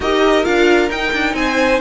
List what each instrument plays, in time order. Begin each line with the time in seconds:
0.00 cello D#4, viola G4, violin A#4 D#5
0.43 cello D4, viola F4, violin F5
0.89 cello D#4, viola D#4, violin G5
1.12 cello D4
1.34 cello C4, violin C5 G#5